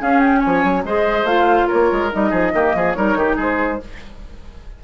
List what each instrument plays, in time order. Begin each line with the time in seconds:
0.00 clarinet C#4, bassoon C#4, oboe G#4, flute F5
0.20 flute G5
0.40 oboe C#5, flute G#5
0.46 bassoon F3
0.64 bassoon F#3
0.84 bassoon G#3, clarinet G#4, oboe C5, flute D#5
1.24 bassoon A3, clarinet F4, flute F5
1.67 bassoon A#3, oboe A#4, flute C#5
1.92 bassoon G#3
2.11 bassoon G3, clarinet D#4, flute D#5
2.30 bassoon F3, oboe G#4
2.53 bassoon D#3, clarinet A#3, oboe G4
2.75 bassoon F3, oboe G#4
2.93 bassoon G3, clarinet D#4, oboe A#4, flute C#5
3.15 bassoon D#3, oboe G4
3.36 bassoon G#3, oboe G#4, flute C5